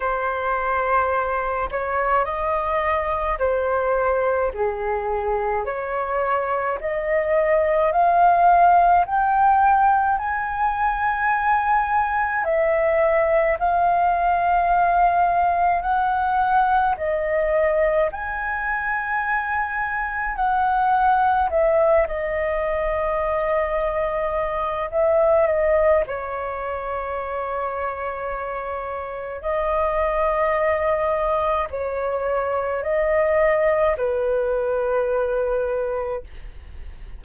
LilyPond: \new Staff \with { instrumentName = "flute" } { \time 4/4 \tempo 4 = 53 c''4. cis''8 dis''4 c''4 | gis'4 cis''4 dis''4 f''4 | g''4 gis''2 e''4 | f''2 fis''4 dis''4 |
gis''2 fis''4 e''8 dis''8~ | dis''2 e''8 dis''8 cis''4~ | cis''2 dis''2 | cis''4 dis''4 b'2 | }